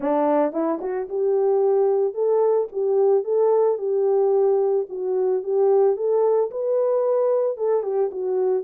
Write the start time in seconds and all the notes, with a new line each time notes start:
0.00 D4
0.52 E4
0.81 F#4
1.08 G4
2.14 A4
2.72 G4
3.24 A4
3.78 G4
4.89 F#4
5.43 G4
5.96 A4
6.50 B4
7.57 A4
7.82 G4
8.11 F#4